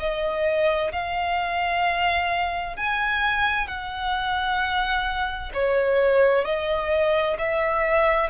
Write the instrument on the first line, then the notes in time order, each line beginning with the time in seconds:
violin
0.00 D#5
0.93 F5
2.77 G#5
3.68 F#5
5.54 C#5
6.45 D#5
7.38 E5